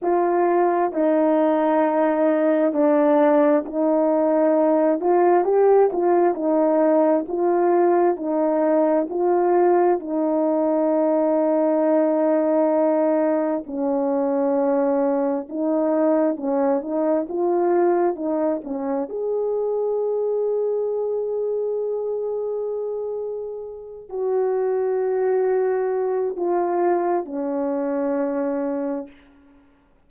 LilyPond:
\new Staff \with { instrumentName = "horn" } { \time 4/4 \tempo 4 = 66 f'4 dis'2 d'4 | dis'4. f'8 g'8 f'8 dis'4 | f'4 dis'4 f'4 dis'4~ | dis'2. cis'4~ |
cis'4 dis'4 cis'8 dis'8 f'4 | dis'8 cis'8 gis'2.~ | gis'2~ gis'8 fis'4.~ | fis'4 f'4 cis'2 | }